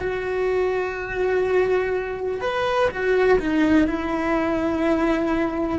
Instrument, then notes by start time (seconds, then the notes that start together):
cello
0.00 F#4
2.41 B4
2.90 F#4
3.39 D#4
3.87 E4